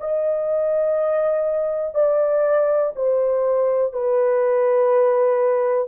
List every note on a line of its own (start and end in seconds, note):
0.00 1.94 D#5
1.94 2.93 D5
2.96 3.93 C5
3.93 5.88 B4